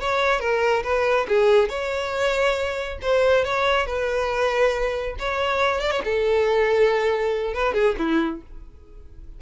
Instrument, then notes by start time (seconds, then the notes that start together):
violin
0.00 C#5
0.40 A#4
0.83 B4
1.28 G#4
1.69 C#5
3.02 C5
3.44 C#5
3.86 B4
5.19 C#5
5.80 D5
5.91 C#5
6.04 A4
7.54 B4
7.74 G#4
7.98 E4